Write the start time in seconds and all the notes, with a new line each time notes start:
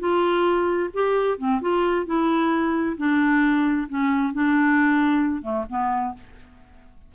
0.00 F4
0.94 G4
1.39 C4
1.62 F4
2.06 E4
2.98 D4
3.89 C#4
4.33 D4
5.43 A3
5.70 B3